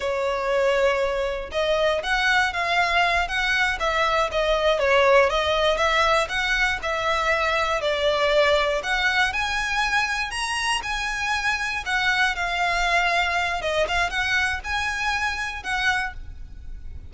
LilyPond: \new Staff \with { instrumentName = "violin" } { \time 4/4 \tempo 4 = 119 cis''2. dis''4 | fis''4 f''4. fis''4 e''8~ | e''8 dis''4 cis''4 dis''4 e''8~ | e''8 fis''4 e''2 d''8~ |
d''4. fis''4 gis''4.~ | gis''8 ais''4 gis''2 fis''8~ | fis''8 f''2~ f''8 dis''8 f''8 | fis''4 gis''2 fis''4 | }